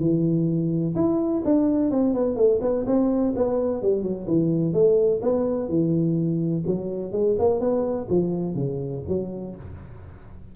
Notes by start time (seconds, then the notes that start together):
0.00 E3
0.96 E4
1.45 D4
1.91 C4
2.14 B3
2.36 A3
2.62 B3
2.87 C4
3.36 B3
3.82 G3
4.03 F#3
4.28 E3
4.74 A3
5.23 B3
5.69 E3
6.67 F#3
7.13 G#3
7.39 A#3
7.60 B3
8.10 F3
8.55 C#3
9.08 F#3